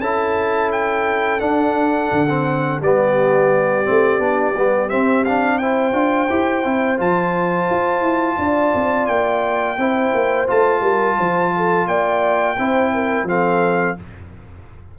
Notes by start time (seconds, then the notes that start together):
0.00 C#4 E4 A4 A5
0.71 G5
1.40 D4 F#5
2.11 D3
2.28 C4
2.79 G3 B3 G4 D5
3.84 A3 C4
4.18 B3 D4
4.55 G3 B3
4.89 C4 E5
5.24 D4 F5
5.57 E4 C5 G5
5.92 D4 F4
6.29 E4 G4
6.64 C4 E4
6.97 F3 F4 A5
7.70 F4
8.00 E4
8.38 D4 D5
8.74 C4
9.06 A#3 G5
9.77 C4 E4 C5
10.14 A#3
10.47 A3 F4 A5
10.81 G3 A#4
11.17 F3 C5
11.56 A4
11.87 A#3 D5 G5
12.57 C4 E4 C5
12.93 A#4
13.23 F3 C4 A4 F5